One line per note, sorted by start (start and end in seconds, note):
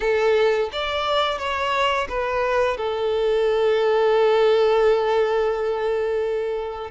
0.00 0.69 A4
0.72 1.38 D5
1.38 2.07 C#5
2.08 2.77 B4
2.77 6.91 A4